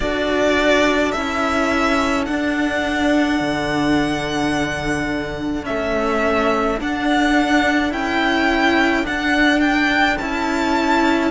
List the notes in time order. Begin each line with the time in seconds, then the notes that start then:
0.00 D4 F#4 A4 D5
1.11 C#4 E4 E5
2.25 D4 F#5
3.40 D3
5.64 A3 C#4 E5
6.79 D4 F#5
7.90 C#4 E4 G5
9.03 D4 F#5
9.60 G5
10.17 C#4 E4 A5